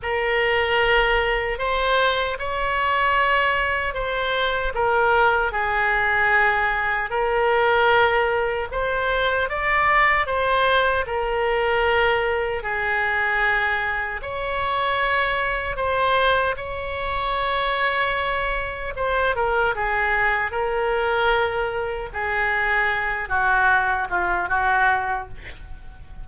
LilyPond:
\new Staff \with { instrumentName = "oboe" } { \time 4/4 \tempo 4 = 76 ais'2 c''4 cis''4~ | cis''4 c''4 ais'4 gis'4~ | gis'4 ais'2 c''4 | d''4 c''4 ais'2 |
gis'2 cis''2 | c''4 cis''2. | c''8 ais'8 gis'4 ais'2 | gis'4. fis'4 f'8 fis'4 | }